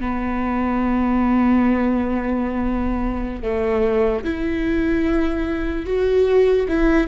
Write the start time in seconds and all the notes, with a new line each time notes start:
0.00 B3
3.43 A3
4.24 E4
5.86 F#4
6.68 E4